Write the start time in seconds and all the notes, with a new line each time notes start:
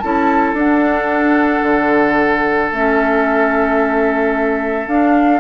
0.00 C#4 E4 A4 A5
0.53 D4 F#5
1.63 D3
2.72 A3 C#4 E5
4.88 D4 F5